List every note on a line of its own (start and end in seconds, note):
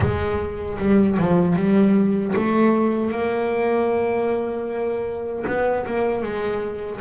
0.00 0.78 G#3
0.78 1.17 G3
1.18 1.55 F3
1.55 2.33 G3
2.35 3.11 A3
3.11 5.44 A#3
5.46 5.85 B3
5.85 6.22 A#3
6.22 7.00 G#3